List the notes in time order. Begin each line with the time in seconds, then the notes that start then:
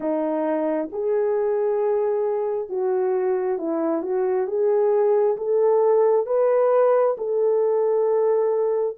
0.00 D#4
0.92 G#4
2.69 F#4
3.58 E4
4.02 F#4
4.47 G#4
5.37 A4
6.26 B4
7.17 A4